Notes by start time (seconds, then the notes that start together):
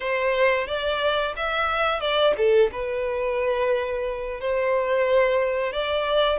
0.00 C5
0.67 D5
1.36 E5
2.00 D5
2.37 A4
2.72 B4
4.40 C5
5.72 D5